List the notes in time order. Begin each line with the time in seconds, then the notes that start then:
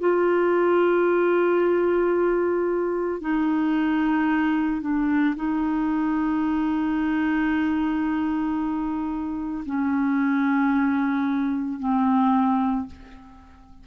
0.00 F4
3.21 D#4
4.82 D4
5.36 D#4
9.66 C#4
11.80 C4